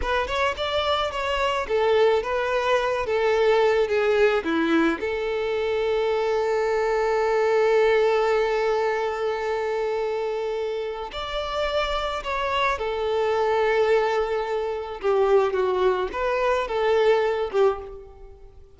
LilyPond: \new Staff \with { instrumentName = "violin" } { \time 4/4 \tempo 4 = 108 b'8 cis''8 d''4 cis''4 a'4 | b'4. a'4. gis'4 | e'4 a'2.~ | a'1~ |
a'1 | d''2 cis''4 a'4~ | a'2. g'4 | fis'4 b'4 a'4. g'8 | }